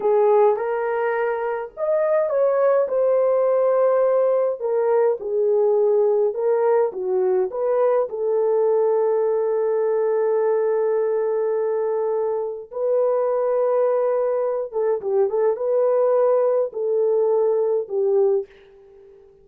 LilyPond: \new Staff \with { instrumentName = "horn" } { \time 4/4 \tempo 4 = 104 gis'4 ais'2 dis''4 | cis''4 c''2. | ais'4 gis'2 ais'4 | fis'4 b'4 a'2~ |
a'1~ | a'2 b'2~ | b'4. a'8 g'8 a'8 b'4~ | b'4 a'2 g'4 | }